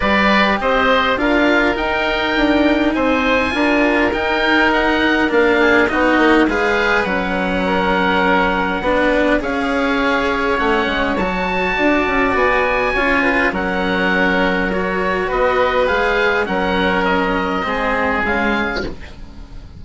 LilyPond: <<
  \new Staff \with { instrumentName = "oboe" } { \time 4/4 \tempo 4 = 102 d''4 dis''4 f''4 g''4~ | g''4 gis''2 g''4 | fis''4 f''4 dis''4 f''4 | fis''1 |
f''2 fis''4 a''4~ | a''4 gis''2 fis''4~ | fis''4 cis''4 dis''4 f''4 | fis''4 dis''2 f''4 | }
  \new Staff \with { instrumentName = "oboe" } { \time 4/4 b'4 c''4 ais'2~ | ais'4 c''4 ais'2~ | ais'4. gis'8 fis'4 b'4~ | b'4 ais'2 b'4 |
cis''1 | d''2 cis''8 b'8 ais'4~ | ais'2 b'2 | ais'2 gis'2 | }
  \new Staff \with { instrumentName = "cello" } { \time 4/4 g'2 f'4 dis'4~ | dis'2 f'4 dis'4~ | dis'4 d'4 dis'4 gis'4 | cis'2. d'4 |
gis'2 cis'4 fis'4~ | fis'2 f'4 cis'4~ | cis'4 fis'2 gis'4 | cis'2 c'4 gis4 | }
  \new Staff \with { instrumentName = "bassoon" } { \time 4/4 g4 c'4 d'4 dis'4 | d'4 c'4 d'4 dis'4~ | dis'4 ais4 b8 ais8 gis4 | fis2. b4 |
cis'2 a8 gis8 fis4 | d'8 cis'8 b4 cis'4 fis4~ | fis2 b4 gis4 | fis2 gis4 cis4 | }
>>